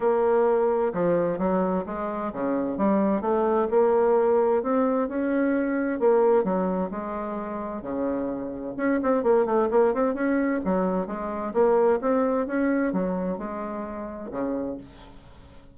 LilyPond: \new Staff \with { instrumentName = "bassoon" } { \time 4/4 \tempo 4 = 130 ais2 f4 fis4 | gis4 cis4 g4 a4 | ais2 c'4 cis'4~ | cis'4 ais4 fis4 gis4~ |
gis4 cis2 cis'8 c'8 | ais8 a8 ais8 c'8 cis'4 fis4 | gis4 ais4 c'4 cis'4 | fis4 gis2 cis4 | }